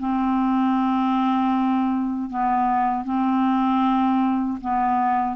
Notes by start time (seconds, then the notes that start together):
0.00 C4
2.30 B3
3.05 C4
4.61 B3